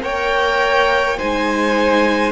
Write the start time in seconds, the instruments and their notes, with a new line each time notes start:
0.00 cello A#3, viola A#4, violin C#5 G5
1.18 cello G#3, viola D#4, violin C5 G#5